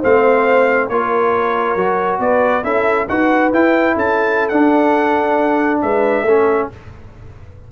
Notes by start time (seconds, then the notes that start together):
0.00 A3 C4 C5 F5
0.89 A#3 F4 A#4 C#5
1.76 F#3 F#4
2.20 B3 B4 D5
2.64 C#4 E4 A4 E5
3.09 D#4 F#4 B4 F#5
3.53 E4 G5
3.96 C#4 A4 A5
4.49 D4 F#5
5.82 G#3 B4 E5
6.23 A3 C#4 A4